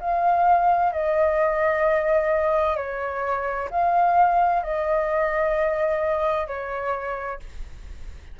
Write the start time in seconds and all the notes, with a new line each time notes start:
0.00 F5
0.92 D#5
2.77 C#5
3.70 F5
4.63 D#5
6.47 C#5